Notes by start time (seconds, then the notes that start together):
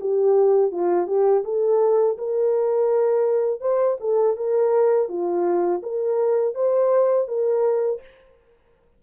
0.00 G4
0.71 F4
1.07 G4
1.44 A4
2.17 A#4
3.60 C5
4.00 A4
4.36 A#4
5.08 F4
5.82 A#4
6.54 C5
7.28 A#4